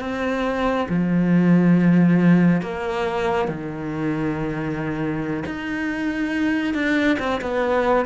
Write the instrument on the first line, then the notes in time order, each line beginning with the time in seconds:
cello
0.00 C4
0.89 F3
2.61 A#3
3.48 D#3
5.46 D#4
6.74 D4
7.19 C4
7.41 B3